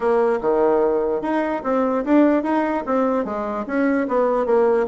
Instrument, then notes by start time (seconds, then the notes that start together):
bassoon
0.00 A#3
0.41 D#3
1.21 D#4
1.63 C4
2.05 D4
2.43 D#4
2.85 C4
3.24 G#3
3.66 C#4
4.08 B3
4.45 A#3